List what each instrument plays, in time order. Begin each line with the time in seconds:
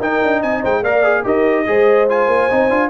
0.00 tuba D#4, trombone D#4, horn A#4, trumpet G5
0.22 tuba D4
0.42 tuba C4, horn D#5, trumpet G#5
0.61 tuba G#3, horn C5, trumpet G5
0.82 tuba A#3, trombone A#4, horn D5, trumpet F5
1.03 trombone G#4
1.24 tuba D#4, trombone G4, horn A#4, trumpet D#5
1.66 tuba G#3, trombone G#4, horn C5
2.09 trombone F4, trumpet G#5
2.27 tuba A#3
2.50 tuba C4, trombone D#4
2.69 tuba D4, trombone F4